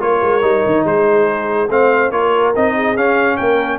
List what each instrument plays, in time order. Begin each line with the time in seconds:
0.00 tuba A#3, trombone F4, horn A#4, trumpet C#5
0.22 tuba G#3
0.42 tuba G3, trombone D#4
0.67 tuba D#3
0.85 tuba G#3, horn G#4, trumpet C5
1.69 tuba A3, trombone C4, horn C5, trumpet F5
2.11 tuba A#3, trombone F4, horn A#4, trumpet C#5
2.56 tuba C4, trombone D#4, trumpet D#5
2.75 horn G#4
2.97 tuba C#4, trombone C#4, trumpet F5
3.37 tuba A#3, horn A#4, trumpet G5